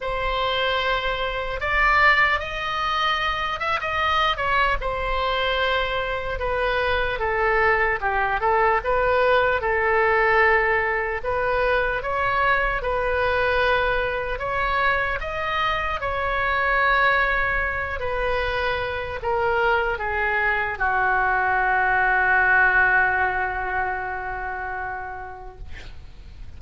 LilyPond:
\new Staff \with { instrumentName = "oboe" } { \time 4/4 \tempo 4 = 75 c''2 d''4 dis''4~ | dis''8 e''16 dis''8. cis''8 c''2 | b'4 a'4 g'8 a'8 b'4 | a'2 b'4 cis''4 |
b'2 cis''4 dis''4 | cis''2~ cis''8 b'4. | ais'4 gis'4 fis'2~ | fis'1 | }